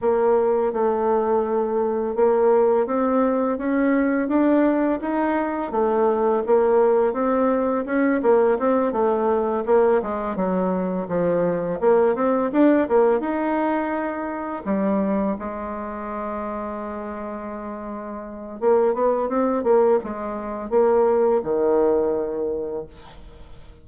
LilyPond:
\new Staff \with { instrumentName = "bassoon" } { \time 4/4 \tempo 4 = 84 ais4 a2 ais4 | c'4 cis'4 d'4 dis'4 | a4 ais4 c'4 cis'8 ais8 | c'8 a4 ais8 gis8 fis4 f8~ |
f8 ais8 c'8 d'8 ais8 dis'4.~ | dis'8 g4 gis2~ gis8~ | gis2 ais8 b8 c'8 ais8 | gis4 ais4 dis2 | }